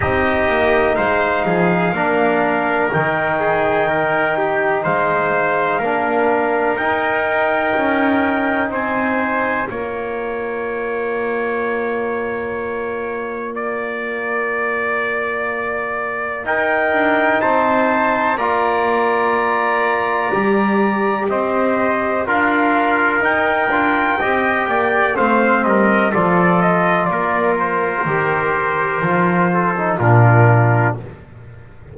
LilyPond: <<
  \new Staff \with { instrumentName = "trumpet" } { \time 4/4 \tempo 4 = 62 dis''4 f''2 g''4~ | g''4 f''2 g''4~ | g''4 gis''4 ais''2~ | ais''1~ |
ais''4 g''4 a''4 ais''4~ | ais''2 dis''4 f''4 | g''2 f''8 dis''8 d''8 dis''8 | d''8 c''2~ c''8 ais'4 | }
  \new Staff \with { instrumentName = "trumpet" } { \time 4/4 g'4 c''8 gis'8 ais'4. gis'8 | ais'8 g'8 c''4 ais'2~ | ais'4 c''4 cis''2~ | cis''2 d''2~ |
d''4 ais'4 c''4 d''4~ | d''2 c''4 ais'4~ | ais'4 dis''8 d''8 c''8 ais'8 a'4 | ais'2~ ais'8 a'8 f'4 | }
  \new Staff \with { instrumentName = "trombone" } { \time 4/4 dis'2 d'4 dis'4~ | dis'2 d'4 dis'4~ | dis'2 f'2~ | f'1~ |
f'4 dis'2 f'4~ | f'4 g'2 f'4 | dis'8 f'8 g'4 c'4 f'4~ | f'4 g'4 f'8. dis'16 d'4 | }
  \new Staff \with { instrumentName = "double bass" } { \time 4/4 c'8 ais8 gis8 f8 ais4 dis4~ | dis4 gis4 ais4 dis'4 | cis'4 c'4 ais2~ | ais1~ |
ais4 dis'8 d'8 c'4 ais4~ | ais4 g4 c'4 d'4 | dis'8 d'8 c'8 ais8 a8 g8 f4 | ais4 dis4 f4 ais,4 | }
>>